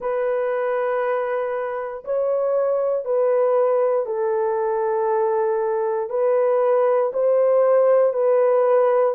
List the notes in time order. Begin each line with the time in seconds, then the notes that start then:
0.00 B4
2.04 C#5
3.05 B4
4.06 A4
6.09 B4
7.13 C5
8.13 B4